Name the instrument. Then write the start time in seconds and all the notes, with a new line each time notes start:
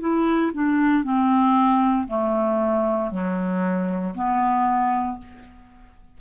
clarinet
0.00 E4
0.54 D4
1.03 C4
2.08 A3
3.11 F#3
4.15 B3